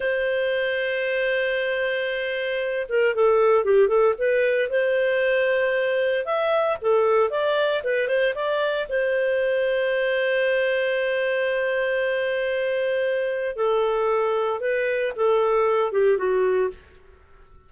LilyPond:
\new Staff \with { instrumentName = "clarinet" } { \time 4/4 \tempo 4 = 115 c''1~ | c''4. ais'8 a'4 g'8 a'8 | b'4 c''2. | e''4 a'4 d''4 b'8 c''8 |
d''4 c''2.~ | c''1~ | c''2 a'2 | b'4 a'4. g'8 fis'4 | }